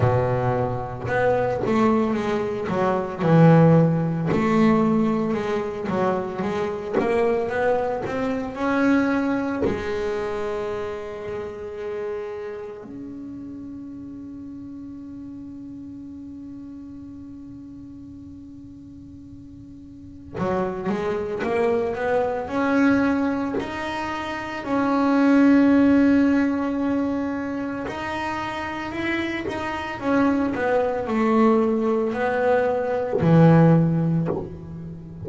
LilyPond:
\new Staff \with { instrumentName = "double bass" } { \time 4/4 \tempo 4 = 56 b,4 b8 a8 gis8 fis8 e4 | a4 gis8 fis8 gis8 ais8 b8 c'8 | cis'4 gis2. | cis'1~ |
cis'2. fis8 gis8 | ais8 b8 cis'4 dis'4 cis'4~ | cis'2 dis'4 e'8 dis'8 | cis'8 b8 a4 b4 e4 | }